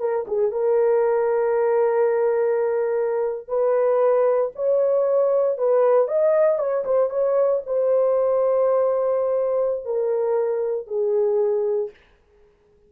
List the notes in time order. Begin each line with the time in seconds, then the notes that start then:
0.00 A#4
0.28 G#4
0.52 A#4
3.48 B4
4.56 C#5
5.58 B4
6.08 D#5
6.59 C#5
6.85 C5
7.11 C#5
7.66 C5
9.86 A#4
10.87 G#4